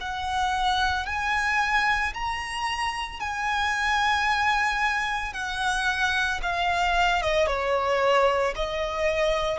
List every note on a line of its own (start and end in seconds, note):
0.00 1.06 F#5
1.06 2.13 G#5
2.13 3.20 A#5
3.20 5.33 G#5
5.33 6.40 F#5
6.42 7.22 F5
7.22 7.46 D#5
7.46 8.53 C#5
8.55 9.58 D#5